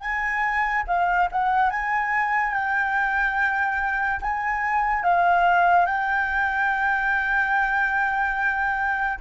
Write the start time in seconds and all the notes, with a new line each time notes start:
0.00 G#5
0.87 F5
1.31 F#5
1.70 G#5
2.53 G5
4.21 G#5
5.03 F5
5.86 G5